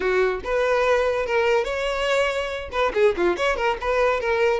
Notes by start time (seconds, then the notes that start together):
0.00 F#4
0.44 B4
1.26 A#4
1.64 C#5
2.71 B4
2.94 G#4
3.16 F4
3.37 C#5
3.56 A#4
3.80 B4
4.20 A#4